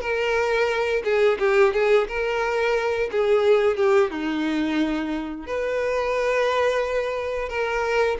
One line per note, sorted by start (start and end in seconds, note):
0.00 1.02 A#4
1.04 1.38 G#4
1.39 1.73 G4
1.73 2.07 G#4
2.07 3.10 A#4
3.11 3.76 G#4
3.76 4.10 G4
4.10 5.46 D#4
5.46 7.49 B4
7.49 8.17 A#4